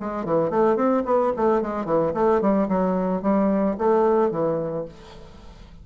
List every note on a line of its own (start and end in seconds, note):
0.00 0.25 G#3
0.25 0.50 E3
0.50 0.76 A3
0.76 1.03 C4
1.05 1.32 B3
1.37 1.62 A3
1.62 1.86 G#3
1.86 2.13 E3
2.14 2.41 A3
2.41 2.68 G3
2.69 3.22 F#3
3.22 3.76 G3
3.78 4.31 A3
4.31 4.85 E3